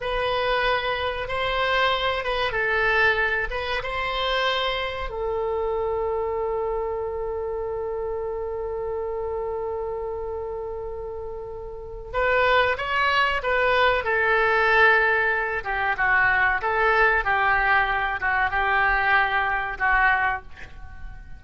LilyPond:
\new Staff \with { instrumentName = "oboe" } { \time 4/4 \tempo 4 = 94 b'2 c''4. b'8 | a'4. b'8 c''2 | a'1~ | a'1~ |
a'2. b'4 | cis''4 b'4 a'2~ | a'8 g'8 fis'4 a'4 g'4~ | g'8 fis'8 g'2 fis'4 | }